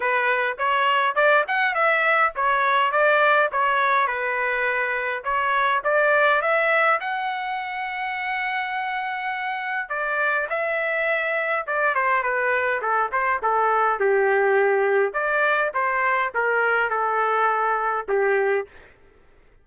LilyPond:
\new Staff \with { instrumentName = "trumpet" } { \time 4/4 \tempo 4 = 103 b'4 cis''4 d''8 fis''8 e''4 | cis''4 d''4 cis''4 b'4~ | b'4 cis''4 d''4 e''4 | fis''1~ |
fis''4 d''4 e''2 | d''8 c''8 b'4 a'8 c''8 a'4 | g'2 d''4 c''4 | ais'4 a'2 g'4 | }